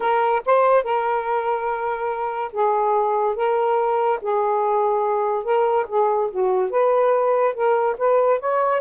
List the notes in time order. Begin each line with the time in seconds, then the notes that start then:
0.00 A#4
0.45 C5
0.83 A#4
2.52 G#4
3.35 A#4
4.21 G#4
5.44 A#4
5.88 G#4
6.30 F#4
6.70 B4
7.54 A#4
7.97 B4
8.39 C#5